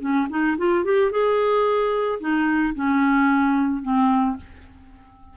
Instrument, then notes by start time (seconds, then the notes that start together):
clarinet
0.00 C#4
0.30 D#4
0.57 F4
0.84 G4
1.11 G#4
2.20 D#4
2.75 C#4
3.82 C4